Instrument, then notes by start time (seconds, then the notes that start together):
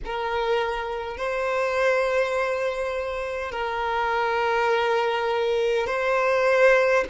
violin
0.04 A#4
1.17 C5
3.51 A#4
5.86 C5